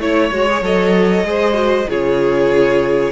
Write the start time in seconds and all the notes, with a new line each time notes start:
0.00 A3 E4 C#5
0.32 G#3 F#4
0.50 G#4
0.62 F#3 A4 D#5
1.24 G#3 G#4 C5
1.54 F#4
1.89 C#3 F4 G#4 C#5